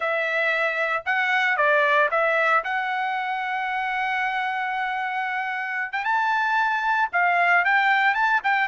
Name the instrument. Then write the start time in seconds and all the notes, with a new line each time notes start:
trumpet
0.00 E5
1.05 F#5
1.56 D5
2.11 E5
2.63 F#5
5.92 G5
6.04 A5
7.12 F5
7.65 G5
8.14 A5
8.43 G5